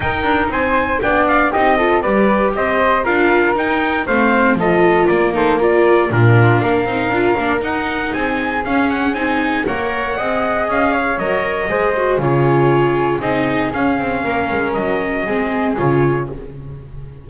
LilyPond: <<
  \new Staff \with { instrumentName = "trumpet" } { \time 4/4 \tempo 4 = 118 g''4 gis''4 g''8 f''8 dis''4 | d''4 dis''4 f''4 g''4 | f''4 dis''4 d''8 c''8 d''4 | ais'4 f''2 fis''4 |
gis''4 f''8 fis''8 gis''4 fis''4~ | fis''4 f''4 dis''2 | cis''2 dis''4 f''4~ | f''4 dis''2 cis''4 | }
  \new Staff \with { instrumentName = "flute" } { \time 4/4 ais'4 c''4 d''4 g'8 a'8 | b'4 c''4 ais'2 | c''4 a'4 ais'8 a'8 ais'4 | f'4 ais'2. |
gis'2. cis''4 | dis''4. cis''4. c''4 | gis'1 | ais'2 gis'2 | }
  \new Staff \with { instrumentName = "viola" } { \time 4/4 dis'2 d'4 dis'8 f'8 | g'2 f'4 dis'4 | c'4 f'4. dis'8 f'4 | d'4. dis'8 f'8 d'8 dis'4~ |
dis'4 cis'4 dis'4 ais'4 | gis'2 ais'4 gis'8 fis'8 | f'2 dis'4 cis'4~ | cis'2 c'4 f'4 | }
  \new Staff \with { instrumentName = "double bass" } { \time 4/4 dis'8 d'8 c'4 b4 c'4 | g4 c'4 d'4 dis'4 | a4 f4 ais2 | ais,4 ais8 c'8 d'8 ais8 dis'4 |
c'4 cis'4 c'4 ais4 | c'4 cis'4 fis4 gis4 | cis2 c'4 cis'8 c'8 | ais8 gis8 fis4 gis4 cis4 | }
>>